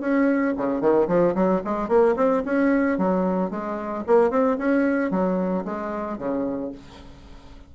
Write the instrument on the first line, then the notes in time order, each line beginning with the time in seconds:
bassoon
0.00 C#4
0.57 C#3
0.80 D#3
1.07 F3
1.34 F#3
1.64 G#3
1.88 A#3
2.16 C4
2.45 C#4
2.98 F#3
3.50 G#3
4.06 A#3
4.30 C4
4.58 C#4
5.10 F#3
5.64 G#3
6.18 C#3